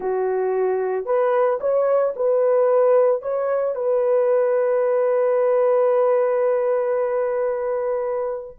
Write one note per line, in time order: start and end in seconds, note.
0.00 1.05 F#4
1.05 1.59 B4
1.60 2.14 C#5
2.16 3.22 B4
3.22 3.75 C#5
3.75 8.57 B4